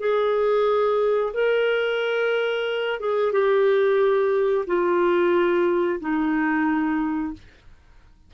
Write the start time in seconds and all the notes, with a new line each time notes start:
0.00 G#4
1.34 A#4
3.00 G#4
3.32 G4
4.67 F4
6.01 D#4